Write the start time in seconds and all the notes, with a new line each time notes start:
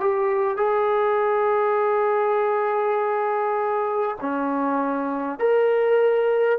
0.00 G4
0.57 G#4
4.21 C#4
5.39 A#4